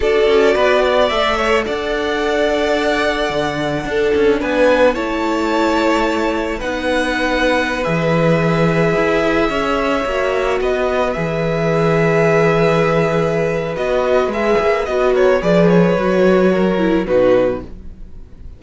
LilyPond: <<
  \new Staff \with { instrumentName = "violin" } { \time 4/4 \tempo 4 = 109 d''2 e''4 fis''4~ | fis''1 | gis''4 a''2. | fis''2~ fis''16 e''4.~ e''16~ |
e''2.~ e''16 dis''8.~ | dis''16 e''2.~ e''8.~ | e''4 dis''4 e''4 dis''8 cis''8 | d''8 cis''2~ cis''8 b'4 | }
  \new Staff \with { instrumentName = "violin" } { \time 4/4 a'4 b'8 d''4 cis''8 d''4~ | d''2. a'4 | b'4 cis''2. | b'1~ |
b'4~ b'16 cis''2 b'8.~ | b'1~ | b'2.~ b'8 ais'8 | b'2 ais'4 fis'4 | }
  \new Staff \with { instrumentName = "viola" } { \time 4/4 fis'2 a'2~ | a'2. d'4~ | d'4 e'2. | dis'2~ dis'16 gis'4.~ gis'16~ |
gis'2~ gis'16 fis'4.~ fis'16~ | fis'16 gis'2.~ gis'8.~ | gis'4 fis'4 gis'4 fis'4 | gis'4 fis'4. e'8 dis'4 | }
  \new Staff \with { instrumentName = "cello" } { \time 4/4 d'8 cis'8 b4 a4 d'4~ | d'2 d4 d'8 cis'8 | b4 a2. | b2~ b16 e4.~ e16~ |
e16 e'4 cis'4 ais4 b8.~ | b16 e2.~ e8.~ | e4 b4 gis8 ais8 b4 | f4 fis2 b,4 | }
>>